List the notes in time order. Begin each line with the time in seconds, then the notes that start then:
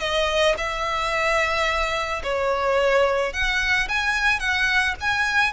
0.00 D#5
0.58 E5
2.23 C#5
3.33 F#5
3.89 G#5
4.40 F#5
5.00 G#5